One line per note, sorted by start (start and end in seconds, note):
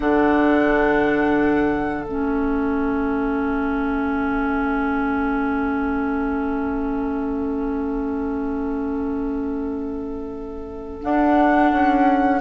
0.00 2.05 D3
0.00 2.06 D4
0.00 12.41 A4
0.00 2.04 F#5
2.04 11.02 A3
2.04 11.02 C#4
2.04 11.00 E5
11.02 12.40 D4
11.02 11.72 D4
11.02 12.41 F#5
11.72 12.41 C#4